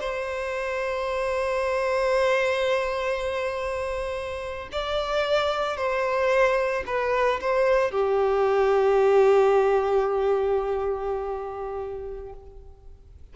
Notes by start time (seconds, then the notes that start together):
0.00 C5
4.72 D5
5.77 C5
6.86 B4
7.41 C5
7.91 G4